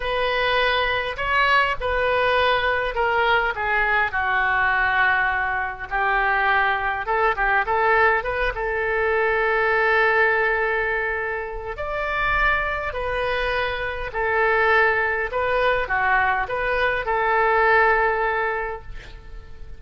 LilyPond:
\new Staff \with { instrumentName = "oboe" } { \time 4/4 \tempo 4 = 102 b'2 cis''4 b'4~ | b'4 ais'4 gis'4 fis'4~ | fis'2 g'2 | a'8 g'8 a'4 b'8 a'4.~ |
a'1 | d''2 b'2 | a'2 b'4 fis'4 | b'4 a'2. | }